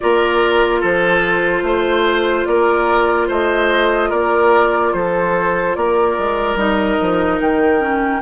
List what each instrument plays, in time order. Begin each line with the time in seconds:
0.00 bassoon A#3, clarinet F4, oboe A#4, flute D5
0.80 bassoon F3, oboe A4, flute C5
1.62 bassoon A3, oboe C5
2.45 bassoon A#3, oboe A#4, flute D5
3.27 bassoon A3, oboe C5, flute D#5
4.09 bassoon A#3, oboe A#4, flute D5
4.93 bassoon F3, oboe A4, flute C5
5.75 bassoon A#3, oboe A#4, flute D5
6.18 bassoon G#3
6.55 bassoon G3, clarinet D#4, flute D#5
7.00 bassoon F3
7.40 bassoon D#3, flute G5
7.80 clarinet C#4